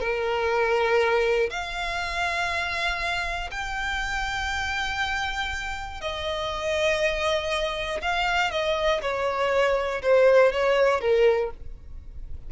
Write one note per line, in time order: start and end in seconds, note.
0.00 1.50 A#4
1.50 3.50 F5
3.51 6.01 G5
6.01 8.01 D#5
8.02 8.51 F5
8.51 9.01 D#5
9.02 10.02 C#5
10.02 10.52 C5
10.53 11.01 C#5
11.01 11.51 A#4